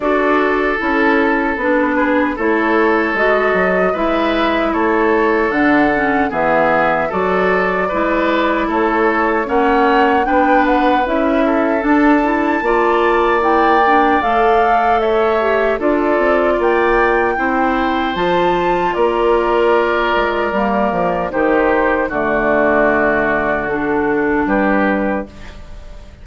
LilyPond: <<
  \new Staff \with { instrumentName = "flute" } { \time 4/4 \tempo 4 = 76 d''4 a'4 b'4 cis''4 | dis''4 e''4 cis''4 fis''4 | e''4 d''2 cis''4 | fis''4 g''8 fis''8 e''4 a''4~ |
a''4 g''4 f''4 e''4 | d''4 g''2 a''4 | d''2. c''4 | d''2 a'4 b'4 | }
  \new Staff \with { instrumentName = "oboe" } { \time 4/4 a'2~ a'8 gis'8 a'4~ | a'4 b'4 a'2 | gis'4 a'4 b'4 a'4 | cis''4 b'4. a'4. |
d''2. cis''4 | a'4 d''4 c''2 | ais'2. g'4 | fis'2. g'4 | }
  \new Staff \with { instrumentName = "clarinet" } { \time 4/4 fis'4 e'4 d'4 e'4 | fis'4 e'2 d'8 cis'8 | b4 fis'4 e'2 | cis'4 d'4 e'4 d'8 e'8 |
f'4 e'8 d'8 a'4. g'8 | f'2 e'4 f'4~ | f'2 ais4 dis'4 | a2 d'2 | }
  \new Staff \with { instrumentName = "bassoon" } { \time 4/4 d'4 cis'4 b4 a4 | gis8 fis8 gis4 a4 d4 | e4 fis4 gis4 a4 | ais4 b4 cis'4 d'4 |
ais2 a2 | d'8 c'8 ais4 c'4 f4 | ais4. gis8 g8 f8 dis4 | d2. g4 | }
>>